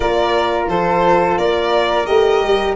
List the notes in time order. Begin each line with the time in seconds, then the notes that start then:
0.00 A#3 F4 A#4 D5
0.67 F3 A4 C5
1.37 A#3 A#4 D5
2.06 A3 G4 D#5
2.41 G3